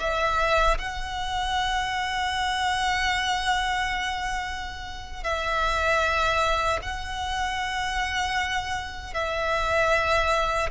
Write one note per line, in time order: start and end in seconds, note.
0.00 0.78 E5
0.79 5.23 F#5
5.23 6.79 E5
6.82 9.14 F#5
9.14 10.70 E5